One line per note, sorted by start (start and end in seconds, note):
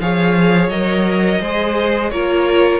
0.00 0.68 F3
0.00 0.71 G#4
0.00 1.41 C#5
0.00 0.69 F5
0.68 1.39 F#3
0.68 1.42 A#4
0.68 2.10 D#5
1.41 2.11 G#3
1.41 2.12 G#4
1.41 2.11 C5
2.10 2.80 A#3
2.10 2.80 F4
2.10 2.80 A#4
2.10 2.80 C#5